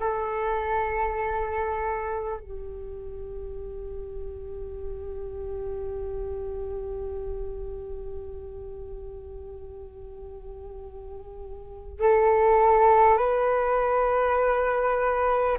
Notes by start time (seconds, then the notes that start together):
0.00 A4
2.40 G4
12.00 A4
13.18 B4